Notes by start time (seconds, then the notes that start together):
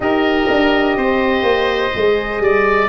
0.00 D#4 G4 A#4 D#5
0.49 D4
0.96 C4 C5
1.42 A#3
1.93 G#3 G#4
2.39 G3 D5